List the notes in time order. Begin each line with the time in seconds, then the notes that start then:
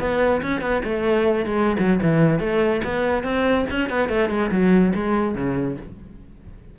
0.00 B3
0.42 C#4
0.62 B3
0.84 A3
1.46 G#3
1.79 F#3
2.03 E3
2.40 A3
2.84 B3
3.24 C4
3.71 C#4
3.90 B3
4.09 A3
4.30 G#3
4.52 F#3
4.95 G#3
5.35 C#3